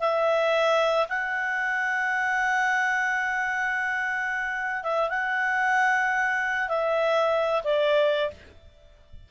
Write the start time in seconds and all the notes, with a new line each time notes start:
0.00 E5
1.09 F#5
4.83 E5
5.09 F#5
6.69 E5
7.64 D5